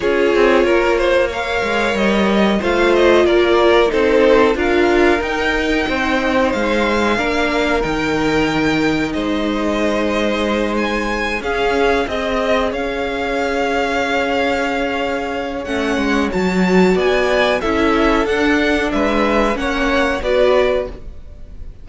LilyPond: <<
  \new Staff \with { instrumentName = "violin" } { \time 4/4 \tempo 4 = 92 cis''2 f''4 dis''4 | f''8 dis''8 d''4 c''4 f''4 | g''2 f''2 | g''2 dis''2~ |
dis''8 gis''4 f''4 dis''4 f''8~ | f''1 | fis''4 a''4 gis''4 e''4 | fis''4 e''4 fis''4 d''4 | }
  \new Staff \with { instrumentName = "violin" } { \time 4/4 gis'4 ais'8 c''8 cis''2 | c''4 ais'4 a'4 ais'4~ | ais'4 c''2 ais'4~ | ais'2 c''2~ |
c''4. gis'4 dis''4 cis''8~ | cis''1~ | cis''2 d''4 a'4~ | a'4 b'4 cis''4 b'4 | }
  \new Staff \with { instrumentName = "viola" } { \time 4/4 f'2 ais'2 | f'2 dis'4 f'4 | dis'2. d'4 | dis'1~ |
dis'4. cis'4 gis'4.~ | gis'1 | cis'4 fis'2 e'4 | d'2 cis'4 fis'4 | }
  \new Staff \with { instrumentName = "cello" } { \time 4/4 cis'8 c'8 ais4. gis8 g4 | a4 ais4 c'4 d'4 | dis'4 c'4 gis4 ais4 | dis2 gis2~ |
gis4. cis'4 c'4 cis'8~ | cis'1 | a8 gis8 fis4 b4 cis'4 | d'4 gis4 ais4 b4 | }
>>